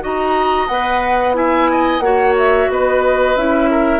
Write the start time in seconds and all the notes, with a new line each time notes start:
0.00 D#4 F#4 D#5 A#5
0.67 B3 B4 F#5
1.34 E4 E5 G#5
1.70 D#5
1.99 A#3 F#4 C#5 F#5
2.37 E5
2.69 B3 B4 D#5
3.35 C#4 E4 E5
3.70 A#4